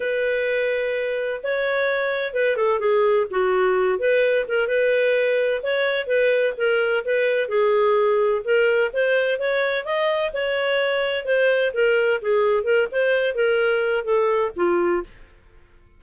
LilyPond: \new Staff \with { instrumentName = "clarinet" } { \time 4/4 \tempo 4 = 128 b'2. cis''4~ | cis''4 b'8 a'8 gis'4 fis'4~ | fis'8 b'4 ais'8 b'2 | cis''4 b'4 ais'4 b'4 |
gis'2 ais'4 c''4 | cis''4 dis''4 cis''2 | c''4 ais'4 gis'4 ais'8 c''8~ | c''8 ais'4. a'4 f'4 | }